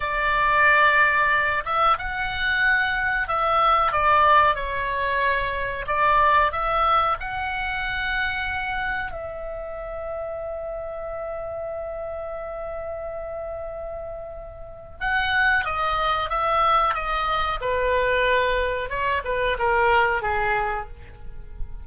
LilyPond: \new Staff \with { instrumentName = "oboe" } { \time 4/4 \tempo 4 = 92 d''2~ d''8 e''8 fis''4~ | fis''4 e''4 d''4 cis''4~ | cis''4 d''4 e''4 fis''4~ | fis''2 e''2~ |
e''1~ | e''2. fis''4 | dis''4 e''4 dis''4 b'4~ | b'4 cis''8 b'8 ais'4 gis'4 | }